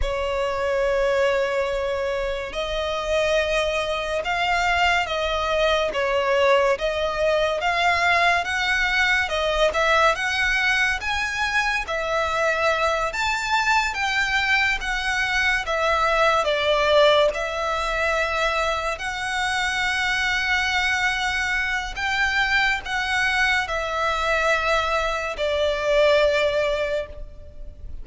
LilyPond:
\new Staff \with { instrumentName = "violin" } { \time 4/4 \tempo 4 = 71 cis''2. dis''4~ | dis''4 f''4 dis''4 cis''4 | dis''4 f''4 fis''4 dis''8 e''8 | fis''4 gis''4 e''4. a''8~ |
a''8 g''4 fis''4 e''4 d''8~ | d''8 e''2 fis''4.~ | fis''2 g''4 fis''4 | e''2 d''2 | }